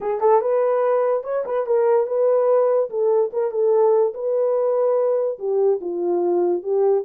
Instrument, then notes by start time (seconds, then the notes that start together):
horn
0.00 G#4
0.20 A4
0.41 B4
1.23 C#5
1.45 B4
1.66 A#4
2.07 B4
2.89 A4
3.32 A#4
3.51 A4
4.14 B4
5.38 G4
5.80 F4
6.62 G4